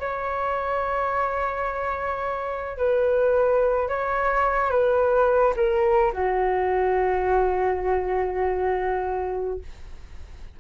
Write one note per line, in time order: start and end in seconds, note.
0.00 2.78 C#5
2.78 3.89 B4
3.89 4.71 C#5
4.71 5.54 B4
5.57 6.12 A#4
6.13 9.60 F#4